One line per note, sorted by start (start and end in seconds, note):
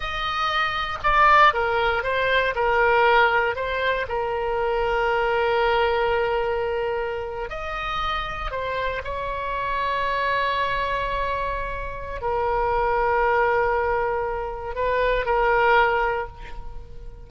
0.00 0.98 D#5
1.03 1.53 D5
1.53 2.03 A#4
2.03 2.54 C5
2.55 3.55 A#4
3.55 4.06 C5
4.08 7.49 A#4
7.49 8.51 D#5
8.51 9.02 C5
9.03 12.21 C#5
12.21 14.75 A#4
14.75 15.25 B4
15.25 16.27 A#4